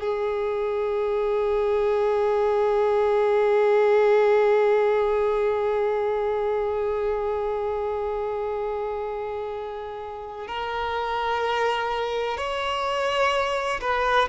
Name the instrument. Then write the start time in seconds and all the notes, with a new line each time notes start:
violin
0.00 G#4
10.47 A#4
12.38 C#5
13.81 B4